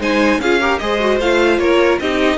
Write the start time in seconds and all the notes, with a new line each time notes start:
0.00 G#3 D#4 C5 G#5
0.39 C#4 F4 G#4 F5
0.60 G4 A#4
0.79 G#3 G#4 C5 D#5
1.00 F#4
1.20 A3 F4 F5
1.59 A#3 A#4 C#5
2.00 C4 D#4 G4 D#5